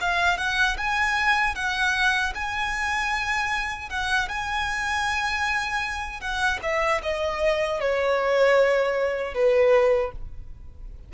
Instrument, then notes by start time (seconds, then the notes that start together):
violin
0.00 F5
0.37 F#5
0.77 G#5
1.55 F#5
2.34 G#5
3.89 F#5
4.28 G#5
6.20 F#5
6.62 E5
7.02 D#5
7.80 C#5
9.34 B4